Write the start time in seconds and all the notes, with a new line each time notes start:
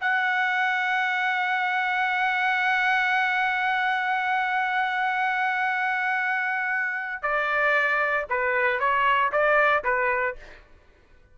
0.00 F#5
7.22 D5
8.29 B4
8.79 C#5
9.32 D5
9.83 B4